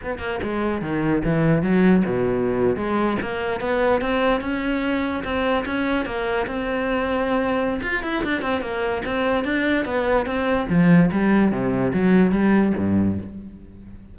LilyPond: \new Staff \with { instrumentName = "cello" } { \time 4/4 \tempo 4 = 146 b8 ais8 gis4 dis4 e4 | fis4 b,4.~ b,16 gis4 ais16~ | ais8. b4 c'4 cis'4~ cis'16~ | cis'8. c'4 cis'4 ais4 c'16~ |
c'2. f'8 e'8 | d'8 c'8 ais4 c'4 d'4 | b4 c'4 f4 g4 | c4 fis4 g4 g,4 | }